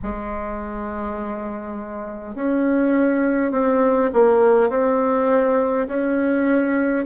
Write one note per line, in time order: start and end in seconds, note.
0.02 2.35 G#3
2.35 3.51 C#4
3.51 4.10 C4
4.13 4.69 A#3
4.69 5.87 C4
5.87 7.05 C#4